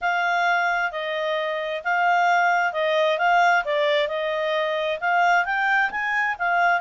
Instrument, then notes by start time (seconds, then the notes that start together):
clarinet
0.01 F5
0.91 D#5
1.83 F5
2.73 D#5
3.18 F5
3.64 D5
4.08 D#5
5.00 F5
5.45 G5
5.90 G#5
6.38 F5